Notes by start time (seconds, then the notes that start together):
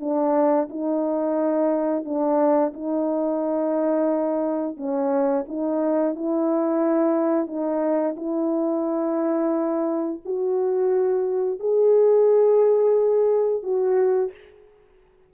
0.00 D4
0.70 D#4
2.05 D4
2.73 D#4
4.77 C#4
5.48 D#4
6.15 E4
7.47 D#4
8.16 E4
10.25 F#4
11.60 G#4
13.63 F#4